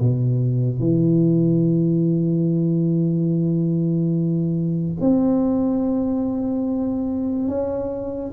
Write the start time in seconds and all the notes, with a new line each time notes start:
0.00 B2
0.80 E3
5.01 C4
7.48 C#4